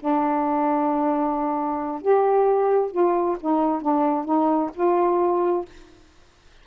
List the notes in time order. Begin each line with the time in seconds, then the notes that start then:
0.00 D4
2.02 G4
2.91 F4
3.41 D#4
3.82 D4
4.25 D#4
4.74 F4